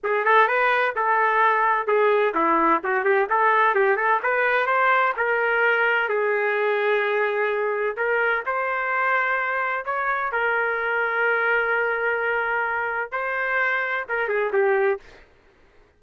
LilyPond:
\new Staff \with { instrumentName = "trumpet" } { \time 4/4 \tempo 4 = 128 gis'8 a'8 b'4 a'2 | gis'4 e'4 fis'8 g'8 a'4 | g'8 a'8 b'4 c''4 ais'4~ | ais'4 gis'2.~ |
gis'4 ais'4 c''2~ | c''4 cis''4 ais'2~ | ais'1 | c''2 ais'8 gis'8 g'4 | }